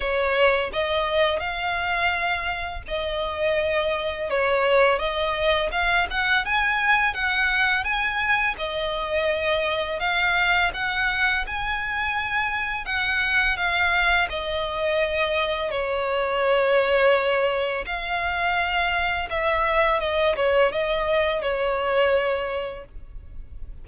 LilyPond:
\new Staff \with { instrumentName = "violin" } { \time 4/4 \tempo 4 = 84 cis''4 dis''4 f''2 | dis''2 cis''4 dis''4 | f''8 fis''8 gis''4 fis''4 gis''4 | dis''2 f''4 fis''4 |
gis''2 fis''4 f''4 | dis''2 cis''2~ | cis''4 f''2 e''4 | dis''8 cis''8 dis''4 cis''2 | }